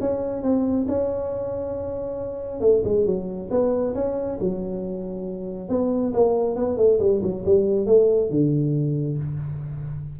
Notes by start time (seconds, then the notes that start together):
0.00 C#4
0.42 C4
0.88 C#4
2.60 A3
2.84 G#3
3.06 F#3
3.50 B3
3.94 C#4
4.40 F#3
5.69 B3
6.13 A#3
6.56 B3
6.77 A3
6.99 G3
7.22 F#3
7.45 G3
7.86 A3
8.30 D3